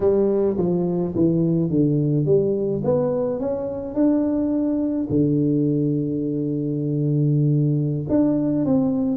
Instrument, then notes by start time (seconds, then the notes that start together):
tuba
0.00 G3
0.57 F3
1.15 E3
1.70 D3
2.25 G3
2.84 B3
3.40 C#4
3.94 D4
5.09 D3
8.09 D4
8.64 C4